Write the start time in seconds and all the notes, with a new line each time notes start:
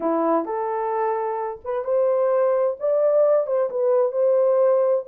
0.00 E4
0.45 A4
1.64 B4
1.84 C5
2.79 D5
3.46 C5
3.69 B4
4.12 C5